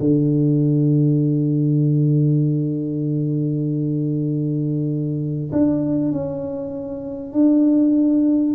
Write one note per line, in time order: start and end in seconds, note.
0.00 5.51 D3
5.52 6.12 D4
6.12 7.33 C#4
7.33 8.55 D4